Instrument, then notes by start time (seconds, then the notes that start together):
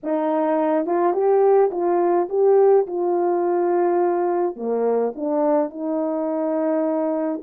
horn
0.03 D#4
0.85 F4
1.13 G4
1.71 F4
2.29 G4
2.86 F4
4.56 A#3
5.15 D4
5.70 D#4